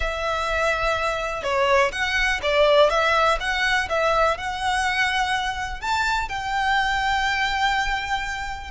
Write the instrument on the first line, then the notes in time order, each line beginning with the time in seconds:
violin
0.00 E5
1.43 C#5
1.92 F#5
2.42 D5
2.90 E5
3.40 F#5
3.89 E5
4.37 F#5
5.80 A5
6.28 G5